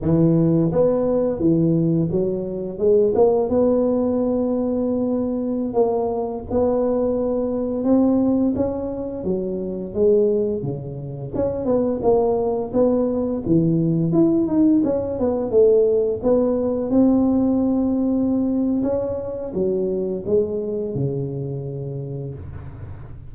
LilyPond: \new Staff \with { instrumentName = "tuba" } { \time 4/4 \tempo 4 = 86 e4 b4 e4 fis4 | gis8 ais8 b2.~ | b16 ais4 b2 c'8.~ | c'16 cis'4 fis4 gis4 cis8.~ |
cis16 cis'8 b8 ais4 b4 e8.~ | e16 e'8 dis'8 cis'8 b8 a4 b8.~ | b16 c'2~ c'8. cis'4 | fis4 gis4 cis2 | }